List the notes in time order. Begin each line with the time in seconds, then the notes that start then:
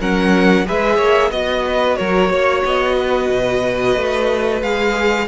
0.00 F#3 C#4 A#4 F#5
0.66 G#3 G#4 B4 E5
0.97 A#3 C#5
1.31 B3 F#4 D#5
1.67 B4
1.96 F#3 A#4 C#5
2.30 A#3 C#5
2.65 B3 D#5
2.96 B4
3.30 B2
3.97 A3
4.62 G#3 G#4 F5